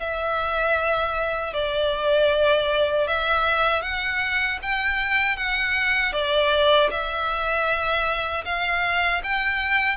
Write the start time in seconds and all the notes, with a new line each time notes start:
0.00 E5
1.54 D5
3.08 E5
3.83 F#5
4.63 G5
5.37 F#5
6.13 D5
6.91 E5
8.45 F5
9.24 G5